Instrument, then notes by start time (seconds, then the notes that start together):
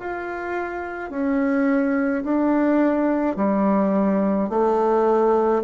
bassoon
0.00 F4
1.11 C#4
2.24 D4
3.37 G3
4.49 A3